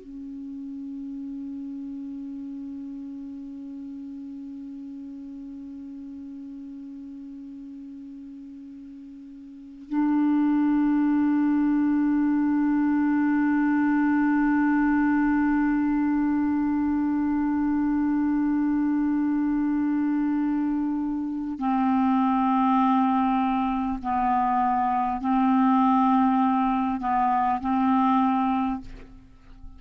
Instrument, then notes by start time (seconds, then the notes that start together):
clarinet
0.00 C#4
9.89 D4
21.58 C4
24.02 B3
25.20 C4
27.00 B3
27.61 C4